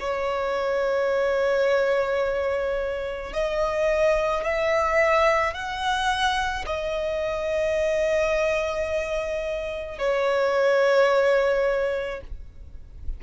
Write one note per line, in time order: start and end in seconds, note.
0.00 3.33 C#5
3.33 4.44 D#5
4.44 5.54 E5
5.54 6.65 F#5
6.66 9.99 D#5
9.99 12.21 C#5